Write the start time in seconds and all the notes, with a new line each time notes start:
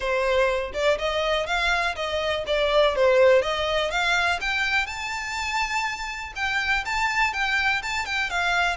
0.00 C5
0.73 D5
0.98 D#5
1.46 F5
1.95 D#5
2.47 D5
2.95 C5
3.41 D#5
3.90 F5
4.41 G5
4.86 A5
6.35 G5
6.85 A5
7.33 G5
7.82 A5
8.05 G5
8.30 F5